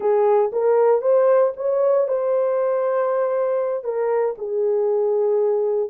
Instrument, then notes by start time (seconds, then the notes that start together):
horn
0.00 G#4
0.52 A#4
1.01 C5
1.56 C#5
2.07 C5
3.84 A#4
4.38 G#4